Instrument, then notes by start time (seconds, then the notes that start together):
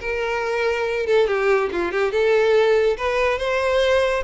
violin
0.00 A#4
1.06 A4
1.27 G4
1.72 F4
1.91 G4
2.11 A4
2.97 B4
3.38 C5